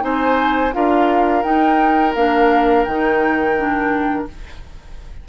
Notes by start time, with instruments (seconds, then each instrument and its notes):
0.00 bassoon C4, clarinet D#4, oboe C5, flute G#5
0.72 bassoon D4, clarinet F4, oboe A#4, flute F5
1.42 clarinet D#4, bassoon D#4, flute G5
2.14 bassoon A#3, clarinet D4, flute F5
2.84 bassoon D#3, clarinet D#4, flute G5
3.57 clarinet D4